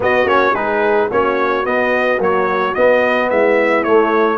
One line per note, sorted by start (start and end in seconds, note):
0.00 0.25 B3
0.00 0.26 B3
0.00 0.51 F#4
0.00 0.28 D#5
0.25 0.53 A#3
0.25 0.53 C#4
0.25 0.54 C#5
0.51 1.09 G#3
0.51 1.10 D#4
0.51 1.06 G#4
0.51 1.10 B4
1.09 1.66 A#3
1.09 1.63 C#4
1.09 3.30 F#4
1.09 1.65 C#5
1.63 2.18 B3
1.63 2.19 B3
1.63 2.20 D#5
2.19 2.75 F#3
2.19 2.74 A#3
2.19 2.74 C#5
2.74 3.85 B3
2.74 3.30 B3
2.74 3.29 D#5
3.30 3.84 G#3
3.30 4.37 E4
3.30 3.83 E5
3.83 4.37 A3
3.83 4.37 C#5